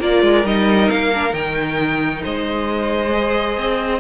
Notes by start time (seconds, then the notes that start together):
0.00 A#3 F4 A#4 D5
0.23 G#3
0.45 G3 D#4 D#5
0.91 A#3 F5
1.14 D4
1.31 D#3 D#4 G5
2.23 G#3 C5 D#5
3.12 G#4
3.58 C4